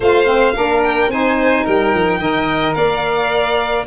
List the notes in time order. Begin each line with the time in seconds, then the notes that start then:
0.00 A3 F4 C5 F5
0.25 C4
0.54 A#3 D4 A#4
0.83 G5
1.08 C4 D#4 C5 G#5
1.63 G3 A#4 G5
1.94 F3
2.19 D#3 A#4 D#5
2.74 A#3 D5 F5